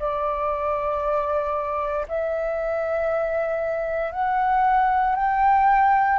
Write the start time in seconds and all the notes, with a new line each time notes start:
0.00 D5
2.09 E5
4.12 F#5
5.16 G5